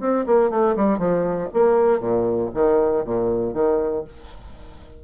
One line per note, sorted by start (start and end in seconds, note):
0.00 0.25 C4
0.26 0.50 A#3
0.50 0.75 A3
0.76 0.99 G3
0.99 1.49 F3
1.54 2.00 A#3
2.00 2.50 A#2
2.54 3.05 D#3
3.05 3.54 A#2
3.54 4.04 D#3